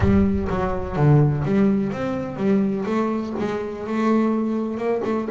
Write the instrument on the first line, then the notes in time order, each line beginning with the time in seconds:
double bass
0.00 G3
0.49 F#3
0.95 D3
1.44 G3
1.92 C4
2.36 G3
2.85 A3
3.38 G#3
3.86 A3
4.77 A#3
5.04 A3